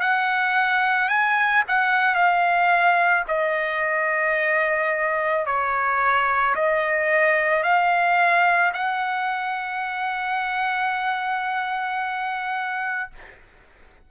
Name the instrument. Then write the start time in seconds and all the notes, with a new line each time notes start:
trumpet
0.00 F#5
1.09 G#5
1.68 F#5
2.15 F5
3.28 D#5
5.45 C#5
6.55 D#5
7.63 F5
8.73 F#5